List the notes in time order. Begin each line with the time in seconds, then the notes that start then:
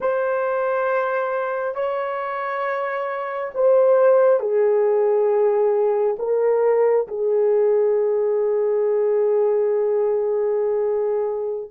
0.00 C5
1.74 C#5
3.54 C5
4.40 G#4
6.18 A#4
7.07 G#4